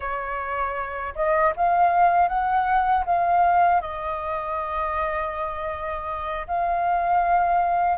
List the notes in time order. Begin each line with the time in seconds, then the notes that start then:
0.00 C#5
1.15 D#5
1.56 F5
2.28 F#5
3.05 F5
3.81 D#5
6.47 F5